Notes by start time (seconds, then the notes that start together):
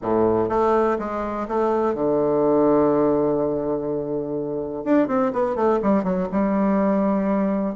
0.02 A2
0.49 A3
0.98 G#3
1.48 A3
1.94 D3
4.84 D4
5.07 C4
5.32 B3
5.55 A3
5.82 G3
6.03 F#3
6.31 G3